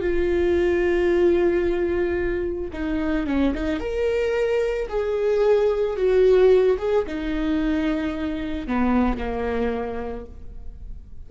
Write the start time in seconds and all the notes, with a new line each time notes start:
0.00 F4
2.72 D#4
3.26 C#4
3.54 D#4
3.80 A#4
4.88 G#4
5.96 F#4
6.78 G#4
7.06 D#4
8.67 B3
9.17 A#3